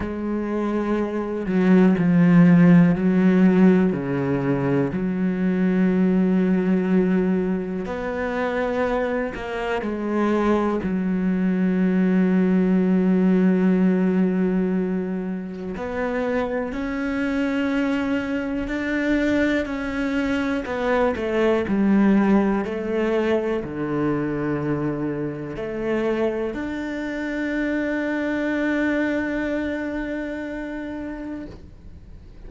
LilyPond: \new Staff \with { instrumentName = "cello" } { \time 4/4 \tempo 4 = 61 gis4. fis8 f4 fis4 | cis4 fis2. | b4. ais8 gis4 fis4~ | fis1 |
b4 cis'2 d'4 | cis'4 b8 a8 g4 a4 | d2 a4 d'4~ | d'1 | }